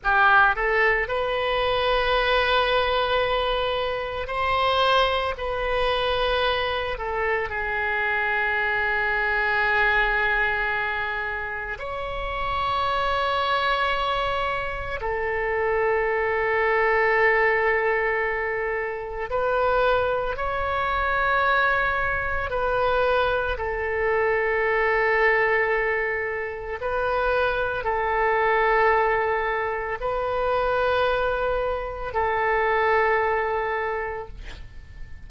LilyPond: \new Staff \with { instrumentName = "oboe" } { \time 4/4 \tempo 4 = 56 g'8 a'8 b'2. | c''4 b'4. a'8 gis'4~ | gis'2. cis''4~ | cis''2 a'2~ |
a'2 b'4 cis''4~ | cis''4 b'4 a'2~ | a'4 b'4 a'2 | b'2 a'2 | }